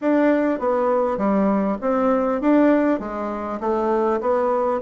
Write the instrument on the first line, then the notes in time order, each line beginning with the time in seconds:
bassoon
0.01 D4
0.59 B3
1.17 G3
1.81 C4
2.41 D4
2.99 G#3
3.60 A3
4.20 B3